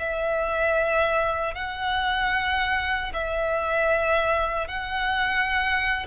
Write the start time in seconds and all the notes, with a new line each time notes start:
0.00 E5
1.55 F#5
3.14 E5
4.68 F#5